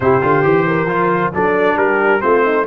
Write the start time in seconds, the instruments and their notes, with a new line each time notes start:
0.00 tuba C3, trombone E4, horn G4, trumpet C5
0.21 tuba D3, trombone F4
0.42 tuba E3, trombone G4
0.66 horn A#4
0.86 tuba F3, trombone F4
1.33 tuba F#3, trombone D4, horn A4, trumpet D5
1.76 tuba G3, horn G4, trumpet A#4
2.20 tuba A3, trombone C4, horn F4, trumpet C5
2.44 horn D#4